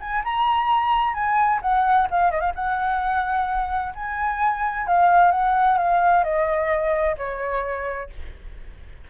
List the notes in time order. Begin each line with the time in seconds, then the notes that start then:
0.00 G#5
0.24 A#5
1.13 G#5
1.61 F#5
2.10 F5
2.31 D#5
2.40 F5
2.54 F#5
3.95 G#5
4.87 F5
5.31 F#5
5.77 F5
6.23 D#5
7.17 C#5